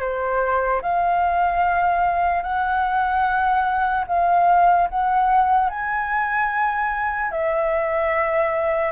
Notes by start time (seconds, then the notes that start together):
0.00 C5
0.82 F5
2.43 F#5
4.07 F5
4.89 F#5
5.69 G#5
7.31 E5